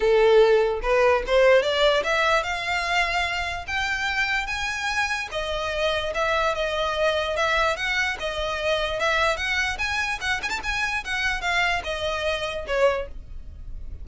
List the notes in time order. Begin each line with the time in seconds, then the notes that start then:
0.00 A4
0.82 B4
1.26 C5
1.62 D5
2.03 E5
2.43 F5
3.67 G5
4.47 G#5
5.31 D#5
6.14 E5
6.54 D#5
7.36 E5
7.76 F#5
8.19 D#5
8.99 E5
9.37 F#5
9.78 G#5
10.20 F#5
10.42 G#5
10.49 A5
10.63 G#5
11.04 F#5
11.41 F5
11.84 D#5
12.67 C#5